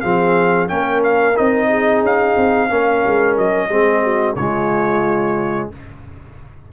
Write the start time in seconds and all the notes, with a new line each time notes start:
0.00 F3 C4 G#4 F5
0.67 A#3 C#4 A#4 G5
1.03 F5
1.36 C4 D#4 D#5
1.68 G#4
2.02 C#4 F5
2.37 C4
2.69 A#3 C#4 A#4
3.06 G#3
3.37 F#3 D#5
3.68 G#3 C4 G#4
4.02 F#4
4.35 C#3 G#3 F4 C#5